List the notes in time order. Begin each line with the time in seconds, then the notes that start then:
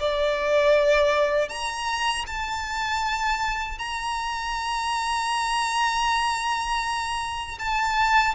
0.00 D5
1.49 A#5
2.27 A5
3.79 A#5
7.59 A5